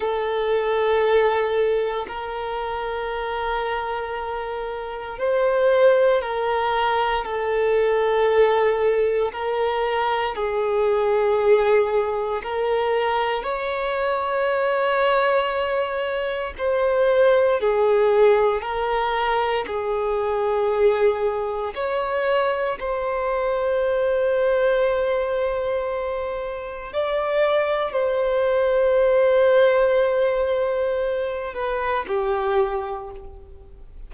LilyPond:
\new Staff \with { instrumentName = "violin" } { \time 4/4 \tempo 4 = 58 a'2 ais'2~ | ais'4 c''4 ais'4 a'4~ | a'4 ais'4 gis'2 | ais'4 cis''2. |
c''4 gis'4 ais'4 gis'4~ | gis'4 cis''4 c''2~ | c''2 d''4 c''4~ | c''2~ c''8 b'8 g'4 | }